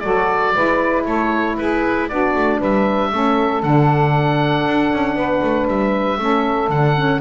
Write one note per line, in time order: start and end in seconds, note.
0.00 0.55 F#3
0.00 0.54 F#4
0.00 0.54 A4
0.00 1.03 D5
0.54 1.06 G#3
0.54 2.08 E4
0.54 1.05 B4
1.05 1.57 A3
1.05 1.56 A4
1.05 1.57 C#5
1.58 2.10 E4
1.58 2.10 G#4
1.58 2.08 B4
2.08 2.35 B3
2.08 3.12 D4
2.08 2.58 F#4
2.08 2.60 D5
2.35 2.60 A3
2.58 3.12 G3
2.58 3.10 B4
2.58 3.63 E5
3.12 3.63 A3
3.12 3.63 C#4
3.12 5.16 A4
3.63 4.66 D3
3.63 6.18 D4
3.63 5.68 F#5
4.66 4.92 D4
4.93 5.15 C#4
5.15 5.41 B3
5.15 6.19 B4
5.43 5.68 A3
5.68 6.18 G3
5.68 6.70 E5
6.18 6.69 A3
6.18 6.69 C#4
6.18 7.21 A4
6.69 7.20 D3
6.69 6.97 D4
6.69 7.21 F#5
6.97 7.21 C#4